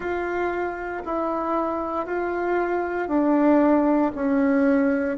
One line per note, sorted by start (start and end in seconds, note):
0.00 1.03 F4
1.05 2.05 E4
2.05 3.08 F4
3.08 4.11 D4
4.15 5.17 C#4